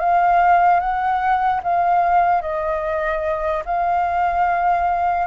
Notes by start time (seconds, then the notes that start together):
0.00 F5
0.80 F#5
1.64 F5
2.42 D#5
3.66 F5